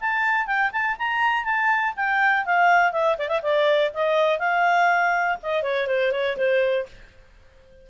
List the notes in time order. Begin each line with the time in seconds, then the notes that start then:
0.00 A5
0.46 G5
0.72 A5
0.98 A#5
1.44 A5
1.96 G5
2.45 F5
2.92 E5
3.18 D5
3.28 E5
3.42 D5
3.93 D#5
4.38 F5
5.42 D#5
5.62 C#5
5.87 C5
6.11 C#5
6.37 C5